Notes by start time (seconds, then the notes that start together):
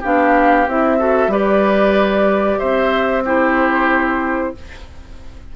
0.00 B3 D4 G4 F5
0.67 C4 E4 E5
0.99 F#4 A4
1.28 G3 G4 B4 D5
2.59 C4 C5 E5
3.25 E4 G4 C5